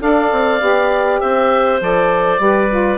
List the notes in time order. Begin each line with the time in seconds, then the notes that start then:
0.00 D4 A4 D5 F5
0.32 C4
0.60 B3 G4
1.21 C4 C5 E5
1.81 F3 A4 D5
2.39 G3 G4 B4
2.70 F4